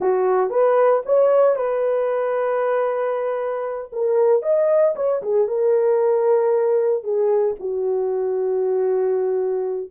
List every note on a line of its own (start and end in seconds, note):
0.00 0.50 F#4
0.50 1.02 B4
1.05 1.56 C#5
1.56 3.90 B4
3.92 4.42 A#4
4.42 4.94 D#5
4.95 5.22 C#5
5.22 5.47 G#4
5.47 7.03 A#4
7.03 7.55 G#4
7.59 9.90 F#4